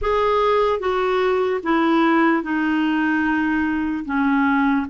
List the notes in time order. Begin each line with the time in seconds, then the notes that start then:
0.01 G#4
0.79 F#4
1.63 E4
2.42 D#4
4.05 C#4